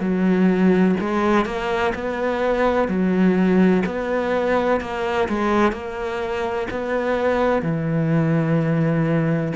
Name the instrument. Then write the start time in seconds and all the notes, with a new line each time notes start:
cello
0.00 F#3
1.00 G#3
1.45 A#3
1.94 B3
2.88 F#3
3.85 B3
4.81 A#3
5.28 G#3
5.72 A#3
6.70 B3
7.62 E3